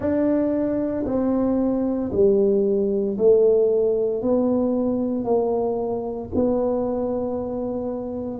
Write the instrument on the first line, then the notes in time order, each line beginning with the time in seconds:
tuba
0.00 D4
1.05 C4
2.11 G3
3.18 A3
4.22 B3
5.24 A#3
6.34 B3